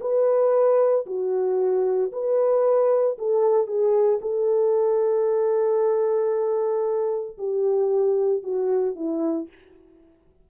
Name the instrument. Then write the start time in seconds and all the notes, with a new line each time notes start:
horn
0.00 B4
1.06 F#4
2.12 B4
3.18 A4
3.67 G#4
4.21 A4
7.37 G4
8.43 F#4
8.95 E4